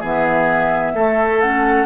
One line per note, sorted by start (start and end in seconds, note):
0.00 0.93 E3
0.00 0.95 B3
0.00 0.92 G#4
0.00 1.41 E5
0.93 1.86 A3
0.93 1.42 A3
0.93 1.86 A4
1.41 1.86 C#4
1.41 1.86 F#5